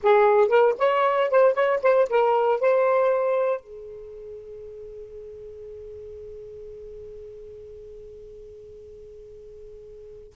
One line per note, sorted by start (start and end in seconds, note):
0.02 0.48 G#4
0.48 0.74 A#4
0.78 1.30 C#5
1.30 1.54 C5
1.54 1.79 C#5
1.82 2.08 C5
2.09 2.60 A#4
2.60 3.60 C5
3.60 10.33 G#4